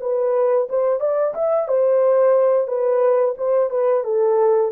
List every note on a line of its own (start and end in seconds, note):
0.00 0.67 B4
0.69 1.00 C5
1.00 1.34 D5
1.34 1.68 E5
1.68 2.67 C5
2.67 3.35 B4
3.37 3.70 C5
3.70 4.04 B4
4.04 4.71 A4